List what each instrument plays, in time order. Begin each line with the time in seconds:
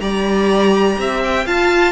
0.00 cello G3, viola G4, violin D5 A#5
0.98 cello C4, violin E5
1.24 violin G5
1.46 cello F4, viola F4, violin F5 A5